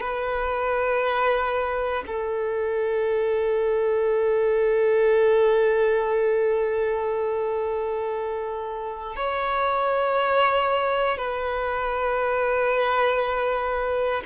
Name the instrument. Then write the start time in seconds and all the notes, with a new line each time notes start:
violin
0.00 B4
2.07 A4
9.16 C#5
11.17 B4